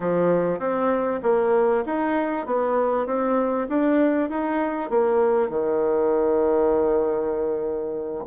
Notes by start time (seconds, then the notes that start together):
0.00 F3
0.59 C4
1.22 A#3
1.85 D#4
2.46 B3
3.06 C4
3.68 D4
4.29 D#4
4.90 A#3
5.49 D#3